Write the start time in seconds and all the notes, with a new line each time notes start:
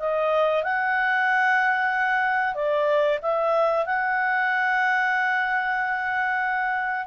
0.00 D#5
0.64 F#5
2.55 D5
3.22 E5
3.86 F#5